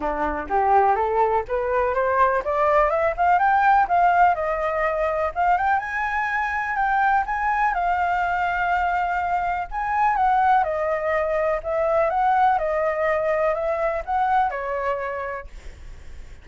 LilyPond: \new Staff \with { instrumentName = "flute" } { \time 4/4 \tempo 4 = 124 d'4 g'4 a'4 b'4 | c''4 d''4 e''8 f''8 g''4 | f''4 dis''2 f''8 g''8 | gis''2 g''4 gis''4 |
f''1 | gis''4 fis''4 dis''2 | e''4 fis''4 dis''2 | e''4 fis''4 cis''2 | }